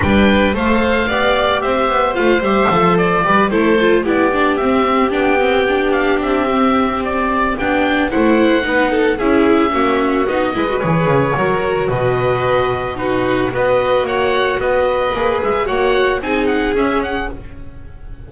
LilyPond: <<
  \new Staff \with { instrumentName = "oboe" } { \time 4/4 \tempo 4 = 111 g''4 f''2 e''4 | f''8 e''4 d''4 c''4 d''8~ | d''8 e''4 g''4. f''8 e''8~ | e''4 d''4 g''4 fis''4~ |
fis''4 e''2 dis''4 | cis''2 dis''2 | b'4 dis''4 fis''4 dis''4~ | dis''8 e''8 fis''4 gis''8 fis''8 e''8 fis''8 | }
  \new Staff \with { instrumentName = "violin" } { \time 4/4 b'4 c''4 d''4 c''4~ | c''2 b'8 a'4 g'8~ | g'1~ | g'2. c''4 |
b'8 a'8 gis'4 fis'4. b'8~ | b'4 ais'4 b'2 | fis'4 b'4 cis''4 b'4~ | b'4 cis''4 gis'2 | }
  \new Staff \with { instrumentName = "viola" } { \time 4/4 d'4 a'4 g'2 | f'8 g'8 a'4 g'8 e'8 f'8 e'8 | d'8 c'4 d'8 c'8 d'4. | c'2 d'4 e'4 |
dis'4 e'4 cis'4 dis'8 e'16 fis'16 | gis'4 fis'2. | dis'4 fis'2. | gis'4 fis'4 dis'4 cis'4 | }
  \new Staff \with { instrumentName = "double bass" } { \time 4/4 g4 a4 b4 c'8 b8 | a8 g8 f4 g8 a4 b8~ | b8 c'4 b2 c'8~ | c'2 b4 a4 |
b4 cis'4 ais4 b8 gis8 | e8 cis8 fis4 b,2~ | b,4 b4 ais4 b4 | ais8 gis8 ais4 c'4 cis'4 | }
>>